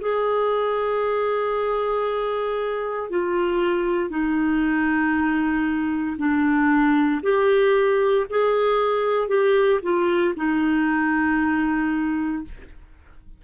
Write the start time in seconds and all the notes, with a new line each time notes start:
0.00 G#4
3.09 F4
4.10 D#4
6.17 D4
7.22 G4
8.29 G#4
9.28 G4
9.82 F4
10.36 D#4